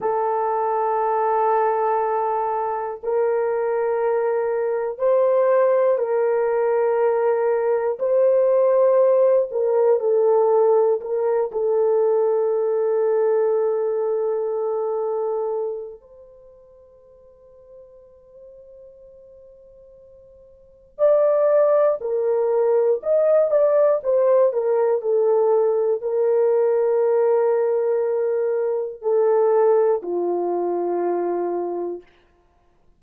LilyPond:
\new Staff \with { instrumentName = "horn" } { \time 4/4 \tempo 4 = 60 a'2. ais'4~ | ais'4 c''4 ais'2 | c''4. ais'8 a'4 ais'8 a'8~ | a'1 |
c''1~ | c''4 d''4 ais'4 dis''8 d''8 | c''8 ais'8 a'4 ais'2~ | ais'4 a'4 f'2 | }